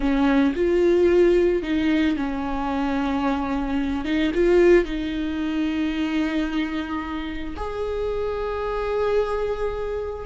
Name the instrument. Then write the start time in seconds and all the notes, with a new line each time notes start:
viola
0.00 C#4
0.55 F4
1.62 D#4
2.16 C#4
4.04 D#4
4.34 F4
4.85 D#4
7.56 G#4